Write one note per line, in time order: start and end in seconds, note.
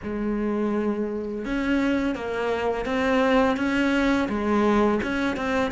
0.03 1.44 G#3
1.44 2.15 C#4
2.15 2.85 A#3
2.85 3.56 C4
3.56 4.28 C#4
4.29 5.00 G#3
5.03 5.36 C#4
5.36 5.71 C4